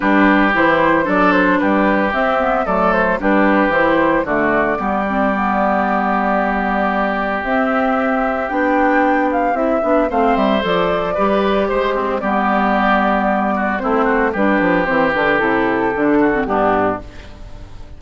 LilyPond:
<<
  \new Staff \with { instrumentName = "flute" } { \time 4/4 \tempo 4 = 113 b'4 c''4 d''8 c''8 b'4 | e''4 d''8 c''8 b'4 c''4 | d''1~ | d''2 e''2 |
g''4. f''8 e''4 f''8 e''8 | d''2 c''4 d''4~ | d''2 c''4 b'4 | c''8 b'8 a'2 g'4 | }
  \new Staff \with { instrumentName = "oboe" } { \time 4/4 g'2 a'4 g'4~ | g'4 a'4 g'2 | fis'4 g'2.~ | g'1~ |
g'2. c''4~ | c''4 b'4 c''8 c'8 g'4~ | g'4. fis'8 e'8 fis'8 g'4~ | g'2~ g'8 fis'8 d'4 | }
  \new Staff \with { instrumentName = "clarinet" } { \time 4/4 d'4 e'4 d'2 | c'8 b8 a4 d'4 e'4 | a4 b8 c'8 b2~ | b2 c'2 |
d'2 e'8 d'8 c'4 | a'4 g'2 b4~ | b2 c'4 d'4 | c'8 d'8 e'4 d'8. c'16 b4 | }
  \new Staff \with { instrumentName = "bassoon" } { \time 4/4 g4 e4 fis4 g4 | c'4 fis4 g4 e4 | d4 g2.~ | g2 c'2 |
b2 c'8 b8 a8 g8 | f4 g4 gis4 g4~ | g2 a4 g8 f8 | e8 d8 c4 d4 g,4 | }
>>